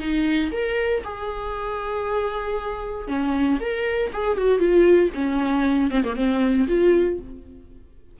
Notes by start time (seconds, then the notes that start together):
0.00 D#4
0.52 A#4
1.04 G#4
3.08 C#4
3.61 A#4
4.13 G#4
4.38 F#4
4.59 F4
5.15 C#4
5.91 C4
6.04 A#3
6.16 C4
6.69 F4